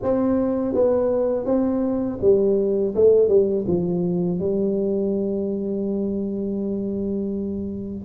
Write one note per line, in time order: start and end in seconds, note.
0.02 0.74 C4
0.74 1.45 B3
1.45 2.18 C4
2.21 2.94 G3
2.95 3.28 A3
3.28 3.65 G3
3.67 4.39 F3
4.39 8.05 G3